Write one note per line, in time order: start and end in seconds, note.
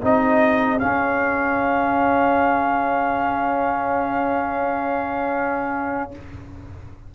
0.00 0.82 C4
0.00 0.79 D#4
0.00 6.12 G#4
0.00 0.79 D#5
0.79 6.12 C#4
0.79 6.15 C#4
0.79 6.12 F5